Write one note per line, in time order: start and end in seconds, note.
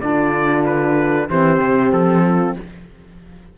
0.00 1.29 D3
0.00 1.28 D4
0.00 1.29 F4
0.00 0.64 D5
0.65 1.29 B4
1.29 1.59 E3
1.29 2.58 C4
1.29 2.24 G4
1.29 1.93 C5
1.59 1.91 C3
1.92 2.56 F3
1.92 2.56 A4
2.25 2.57 F4